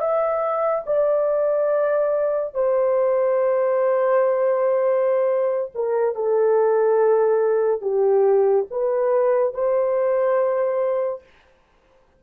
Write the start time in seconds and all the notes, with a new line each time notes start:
0.00 E5
0.86 D5
2.54 C5
5.75 A#4
6.15 A4
7.81 G4
8.71 B4
9.54 C5